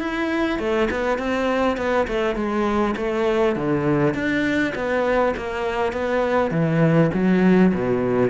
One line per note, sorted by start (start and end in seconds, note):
0.00 0.59 E4
0.60 0.89 A3
0.91 1.19 B3
1.19 1.78 C4
1.78 2.07 B3
2.08 2.36 A3
2.36 2.95 G#3
2.97 3.56 A3
3.56 4.15 D3
4.15 4.74 D4
4.75 5.35 B3
5.37 5.93 A#3
5.93 6.52 B3
6.52 7.11 E3
7.14 7.74 F#3
7.74 8.30 B2